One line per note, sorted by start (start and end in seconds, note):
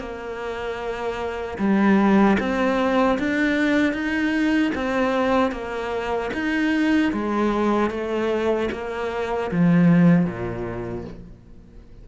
0.00 1.58 A#3
1.59 2.38 G3
2.40 3.19 C4
3.19 3.94 D4
3.94 4.73 D#4
4.75 5.52 C4
5.52 6.31 A#3
6.34 7.13 D#4
7.13 7.91 G#3
7.91 8.70 A3
8.72 9.51 A#3
9.51 10.26 F3
10.26 11.05 A#2